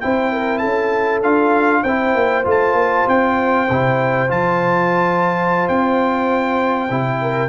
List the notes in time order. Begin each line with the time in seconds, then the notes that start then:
0.00 C4 E4 C5 G5
0.32 A#4
0.58 C#4 A4 A5
1.22 D4 F4 F5
1.83 C4 E4 C5 G5
2.14 A#3
2.44 A3 F4 A5
2.73 A#3
3.07 C4 G5
3.70 C3 E4
4.28 F3 F4 A5
5.68 C4 G5
6.90 C3 E4
7.21 A#4